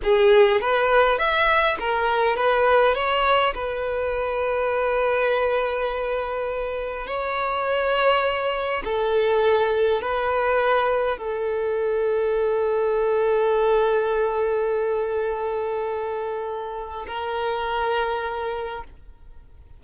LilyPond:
\new Staff \with { instrumentName = "violin" } { \time 4/4 \tempo 4 = 102 gis'4 b'4 e''4 ais'4 | b'4 cis''4 b'2~ | b'1 | cis''2. a'4~ |
a'4 b'2 a'4~ | a'1~ | a'1~ | a'4 ais'2. | }